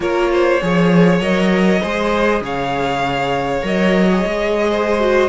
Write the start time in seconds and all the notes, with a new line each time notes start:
0.00 A#3 F4 A#4 C#5
0.32 C5
0.62 F3 G#4 C#5
1.20 F#3 A#4 D#5
1.82 G#3 G#4 C5
2.41 C#3 C#5 F5
3.62 F#3 A#4 D#5
4.12 G#4
4.25 G#3
4.70 C5
4.99 F#4